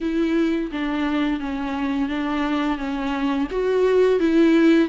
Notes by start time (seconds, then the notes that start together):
0.01 E4
0.71 D4
1.40 C#4
2.08 D4
2.77 C#4
3.50 F#4
4.19 E4